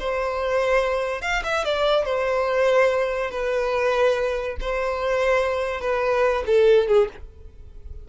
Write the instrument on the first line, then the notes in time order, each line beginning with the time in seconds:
violin
0.00 C5
1.22 F5
1.44 E5
1.65 D5
2.05 C5
3.31 B4
4.61 C5
5.81 B4
6.47 A4
6.88 G#4